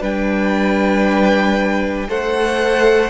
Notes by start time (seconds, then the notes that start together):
0.00 G3 D4 B4 G5
2.07 A3 A4 C5 F#5